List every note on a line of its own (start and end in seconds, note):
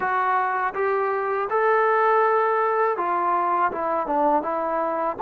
0.00 0.73 F#4
0.74 1.48 G4
1.50 2.97 A4
2.97 3.71 F4
3.71 4.06 E4
4.06 4.42 D4
4.42 5.16 E4